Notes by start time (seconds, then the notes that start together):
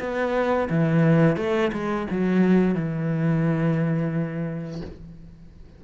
0.00 B3
0.70 E3
1.37 A3
1.73 G#3
2.11 F#3
2.75 E3